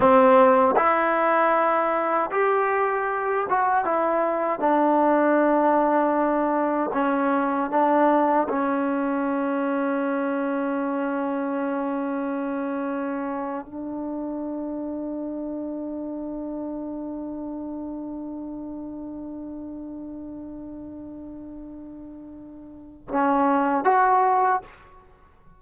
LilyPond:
\new Staff \with { instrumentName = "trombone" } { \time 4/4 \tempo 4 = 78 c'4 e'2 g'4~ | g'8 fis'8 e'4 d'2~ | d'4 cis'4 d'4 cis'4~ | cis'1~ |
cis'4.~ cis'16 d'2~ d'16~ | d'1~ | d'1~ | d'2 cis'4 fis'4 | }